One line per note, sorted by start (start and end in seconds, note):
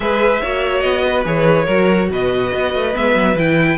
0.00 0.41 G#3
0.00 0.41 G#4
0.00 0.41 B4
0.00 0.80 E5
0.41 0.83 A#3
0.41 1.25 F#4
0.41 1.04 C#5
0.80 1.25 B3
0.80 1.22 D#5
1.06 1.65 B4
1.25 1.67 E3
1.25 1.67 G#4
1.25 2.10 C#5
1.65 2.10 F#3
1.65 2.93 F#4
1.65 2.07 A#4
2.10 2.52 B2
2.10 3.77 B4
2.10 2.95 D#5
2.54 2.74 B3
2.74 2.95 A3
2.93 3.14 G#3
2.93 3.35 B3
2.93 3.37 E5
3.14 3.35 F#3
3.35 3.77 E3
3.35 3.77 E4
3.35 3.77 G5